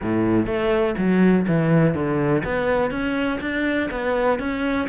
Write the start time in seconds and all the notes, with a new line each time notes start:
0.02 A2
0.46 A3
0.97 F#3
1.47 E3
1.94 D3
2.44 B3
2.90 C#4
3.40 D4
3.90 B3
4.39 C#4